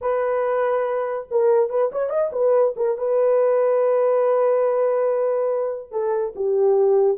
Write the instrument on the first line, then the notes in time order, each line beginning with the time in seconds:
horn
0.01 B4
1.30 A#4
1.69 B4
1.91 C#5
2.09 D#5
2.32 B4
2.76 A#4
2.97 B4
5.91 A4
6.35 G4